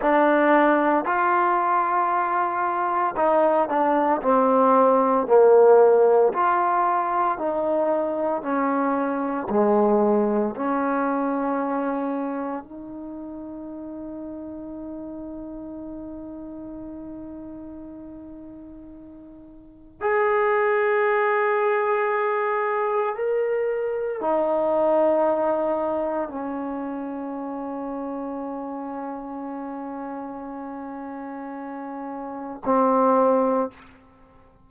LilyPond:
\new Staff \with { instrumentName = "trombone" } { \time 4/4 \tempo 4 = 57 d'4 f'2 dis'8 d'8 | c'4 ais4 f'4 dis'4 | cis'4 gis4 cis'2 | dis'1~ |
dis'2. gis'4~ | gis'2 ais'4 dis'4~ | dis'4 cis'2.~ | cis'2. c'4 | }